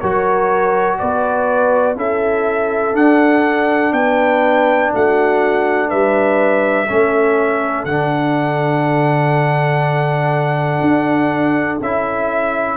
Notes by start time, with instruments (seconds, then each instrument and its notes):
0.00 tuba F#3, trombone F#4, horn A#4, trumpet C#5
0.99 tuba B3, horn B4, trumpet D5
1.95 tuba C#4, trombone E4, horn A4, trumpet E5
2.93 trombone D4, tuba D4, trumpet F#5
3.92 tuba B3, horn B4, trumpet G5
4.93 tuba A3, horn F#4, trumpet F#5
5.88 tuba G3, horn B4, trumpet E5
6.87 tuba A3, trombone C#4, horn A4
7.85 tuba D3, trombone D4, trumpet F#5
10.81 tuba D4
11.81 tuba C#4, trombone E4, trumpet E5